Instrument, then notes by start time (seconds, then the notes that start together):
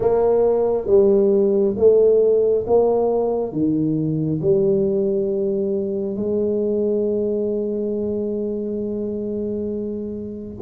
tuba
0.00 A#3
0.86 G3
1.76 A3
2.67 A#3
3.52 D#3
4.41 G3
6.16 G#3